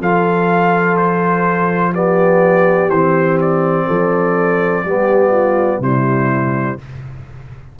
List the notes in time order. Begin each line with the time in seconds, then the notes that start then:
0.00 F3 F4 A4 F5
0.96 C5
1.93 B3 G4 D5
2.89 E3 C4 C5
3.41 D5
3.87 F3 A4
4.84 G3 B3 G4
5.30 F4
5.79 C3 G3 E4 C5